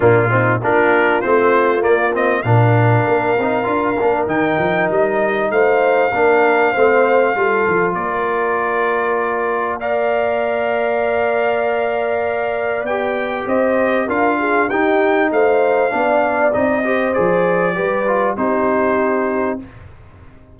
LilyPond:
<<
  \new Staff \with { instrumentName = "trumpet" } { \time 4/4 \tempo 4 = 98 f'4 ais'4 c''4 d''8 dis''8 | f''2. g''4 | dis''4 f''2.~ | f''4 d''2. |
f''1~ | f''4 g''4 dis''4 f''4 | g''4 f''2 dis''4 | d''2 c''2 | }
  \new Staff \with { instrumentName = "horn" } { \time 4/4 d'8 dis'8 f'2. | ais'1~ | ais'4 c''4 ais'4 c''4 | a'4 ais'2. |
d''1~ | d''2 c''4 ais'8 gis'8 | g'4 c''4 d''4. c''8~ | c''4 b'4 g'2 | }
  \new Staff \with { instrumentName = "trombone" } { \time 4/4 ais8 c'8 d'4 c'4 ais8 c'8 | d'4. dis'8 f'8 d'8 dis'4~ | dis'2 d'4 c'4 | f'1 |
ais'1~ | ais'4 g'2 f'4 | dis'2 d'4 dis'8 g'8 | gis'4 g'8 f'8 dis'2 | }
  \new Staff \with { instrumentName = "tuba" } { \time 4/4 ais,4 ais4 a4 ais4 | ais,4 ais8 c'8 d'8 ais8 dis8 f8 | g4 a4 ais4 a4 | g8 f8 ais2.~ |
ais1~ | ais4 b4 c'4 d'4 | dis'4 a4 b4 c'4 | f4 g4 c'2 | }
>>